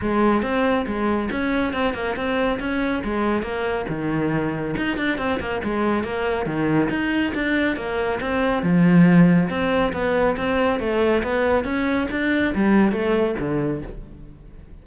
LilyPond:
\new Staff \with { instrumentName = "cello" } { \time 4/4 \tempo 4 = 139 gis4 c'4 gis4 cis'4 | c'8 ais8 c'4 cis'4 gis4 | ais4 dis2 dis'8 d'8 | c'8 ais8 gis4 ais4 dis4 |
dis'4 d'4 ais4 c'4 | f2 c'4 b4 | c'4 a4 b4 cis'4 | d'4 g4 a4 d4 | }